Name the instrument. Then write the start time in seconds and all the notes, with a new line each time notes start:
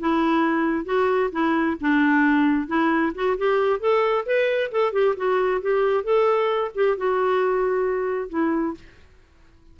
clarinet
0.00 E4
0.86 F#4
1.32 E4
1.81 D4
2.68 E4
3.15 F#4
3.38 G4
3.80 A4
4.26 B4
4.72 A4
4.93 G4
5.17 F#4
5.61 G4
6.04 A4
6.75 G4
6.97 F#4
8.30 E4